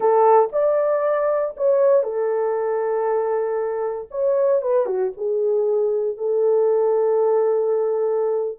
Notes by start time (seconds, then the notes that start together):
0.00 A4
0.52 D5
1.56 C#5
2.03 A4
4.10 C#5
4.62 B4
4.86 F#4
5.17 G#4
6.17 A4